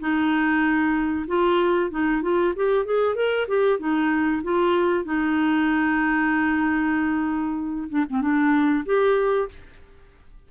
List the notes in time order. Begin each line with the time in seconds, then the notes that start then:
0.00 D#4
1.28 F4
1.91 D#4
2.22 F4
2.56 G4
2.86 G#4
3.16 A#4
3.48 G4
3.79 D#4
4.44 F4
5.05 D#4
7.90 D4
8.10 C4
8.22 D4
8.86 G4